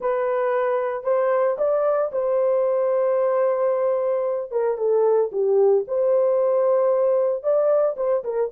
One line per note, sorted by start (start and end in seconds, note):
0.00 1.03 B4
1.03 1.56 C5
1.58 2.11 D5
2.12 4.51 C5
4.51 4.77 A#4
4.77 5.30 A4
5.31 5.85 G4
5.87 7.43 C5
7.43 7.96 D5
7.96 8.23 C5
8.23 8.50 A#4